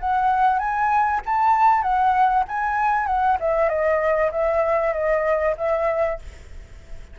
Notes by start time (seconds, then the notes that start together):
0.00 F#5
0.59 G#5
1.26 A5
1.82 F#5
2.48 G#5
3.06 F#5
3.40 E5
3.69 D#5
4.32 E5
4.93 D#5
5.57 E5